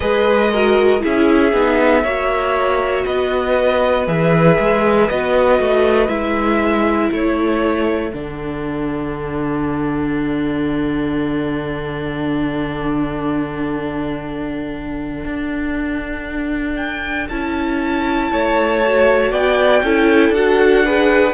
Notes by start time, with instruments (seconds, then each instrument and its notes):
0.00 cello G#3, viola G#4, violin B4 D#5
0.51 viola F#4, violin A#4
1.00 cello C#4, viola E4, violin G#4 E5
1.53 cello B3, viola D#4
2.03 cello A#3, viola F#4, violin C#5
3.04 cello B3, violin B4 D#5
4.07 cello E3, viola G#4, violin E5
4.59 cello G#3
5.09 cello B3, viola F#4, violin D#5
5.59 cello A3
6.07 cello G#3, viola E4, violin E5
7.11 cello A3, violin A4 C#5
8.13 cello D3, viola D4, violin F#5
15.25 cello D4
16.76 violin G5
17.29 cello C#4, viola E4, violin A5
18.32 cello A3, violin C#5
18.85 viola F#4
19.31 cello B3, violin D5 G5
19.82 cello C#4, viola E4, violin A4
20.29 cello D4, viola F#4, violin F#5
20.85 viola G#4, violin B4